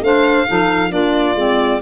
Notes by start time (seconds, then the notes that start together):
0.00 A3 D4 C5 F5
0.47 F3 D#4 A4
0.90 A#3 D4 F4 D5
1.35 G#3 C4